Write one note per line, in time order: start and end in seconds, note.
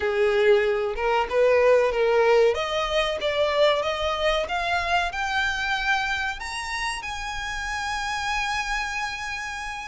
0.00 0.94 G#4
0.95 1.27 A#4
1.29 1.91 B4
1.91 2.54 A#4
2.54 3.18 D#5
3.21 3.82 D5
3.82 4.46 D#5
4.48 5.12 F5
5.12 6.39 G5
6.39 7.02 A#5
7.02 9.88 G#5